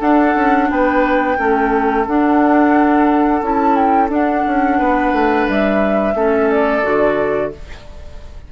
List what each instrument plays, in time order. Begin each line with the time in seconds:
0.00 clarinet D4, bassoon D4, oboe A4, flute F#5
0.36 bassoon C#4
0.70 bassoon B3, oboe B4, flute G5
1.39 bassoon A3, clarinet C#4, oboe A4
2.08 bassoon D4, clarinet D4, flute F#5
3.42 bassoon C#4, clarinet E4, flute A5
3.76 flute G5
4.10 bassoon D4, clarinet D4, flute F#5
4.47 bassoon C#4
4.78 bassoon B3, oboe B4
5.13 bassoon A3
5.48 bassoon G3, flute E5
6.15 bassoon A3, clarinet C#4, oboe A4
6.50 flute D5
6.83 bassoon D3, clarinet F#4